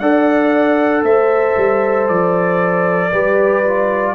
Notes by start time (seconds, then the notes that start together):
0.00 D4 A4 D5 F#5
1.03 A3 C5 E5
1.57 G3
2.08 F3 D5
3.12 G3 G4 B4
3.64 F4